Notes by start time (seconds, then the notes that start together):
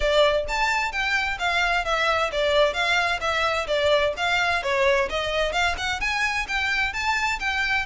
0.00 D5
0.47 A5
0.91 G5
1.38 F5
1.84 E5
2.32 D5
2.73 F5
3.20 E5
3.67 D5
4.16 F5
4.62 C#5
5.09 D#5
5.52 F5
5.77 F#5
6.00 G#5
6.47 G5
6.93 A5
7.39 G5